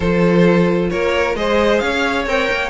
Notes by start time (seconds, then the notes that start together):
0.00 F3 F4 A4 C5
0.90 A#3 A#4 C#5
1.35 G#3 G#4 C5 D#5
1.79 C#4 C#5 F5
2.26 C4 A#4 G5
2.50 A#3